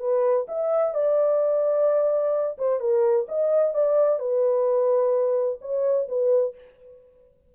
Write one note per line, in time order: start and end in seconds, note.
0.00 0.47 B4
0.48 0.95 E5
0.95 2.58 D5
2.58 2.80 C5
2.80 3.27 A#4
3.29 3.74 D#5
3.74 4.19 D5
4.19 5.59 B4
5.62 6.08 C#5
6.09 6.55 B4